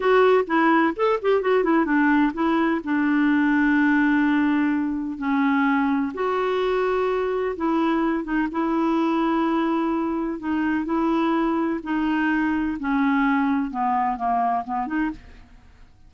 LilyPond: \new Staff \with { instrumentName = "clarinet" } { \time 4/4 \tempo 4 = 127 fis'4 e'4 a'8 g'8 fis'8 e'8 | d'4 e'4 d'2~ | d'2. cis'4~ | cis'4 fis'2. |
e'4. dis'8 e'2~ | e'2 dis'4 e'4~ | e'4 dis'2 cis'4~ | cis'4 b4 ais4 b8 dis'8 | }